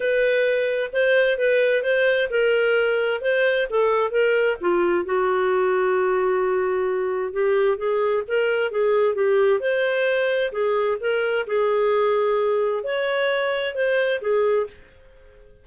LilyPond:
\new Staff \with { instrumentName = "clarinet" } { \time 4/4 \tempo 4 = 131 b'2 c''4 b'4 | c''4 ais'2 c''4 | a'4 ais'4 f'4 fis'4~ | fis'1 |
g'4 gis'4 ais'4 gis'4 | g'4 c''2 gis'4 | ais'4 gis'2. | cis''2 c''4 gis'4 | }